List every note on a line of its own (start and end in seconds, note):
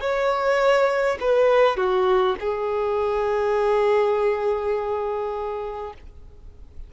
0.00 1.18 C#5
1.20 1.76 B4
1.76 2.35 F#4
2.40 5.93 G#4